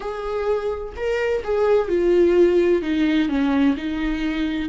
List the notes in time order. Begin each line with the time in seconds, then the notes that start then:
0.00 G#4
0.96 A#4
1.44 G#4
1.88 F4
2.81 D#4
3.28 C#4
3.76 D#4